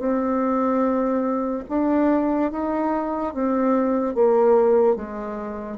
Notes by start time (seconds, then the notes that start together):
0.00 C4
1.70 D4
2.52 D#4
3.34 C4
4.15 A#3
4.96 G#3